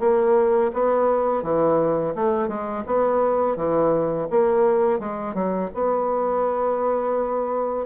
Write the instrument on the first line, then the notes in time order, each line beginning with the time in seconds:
bassoon
0.00 A#3
0.73 B3
1.43 E3
2.15 A3
2.48 G#3
2.86 B3
3.56 E3
4.31 A#3
5.00 G#3
5.34 F#3
5.74 B3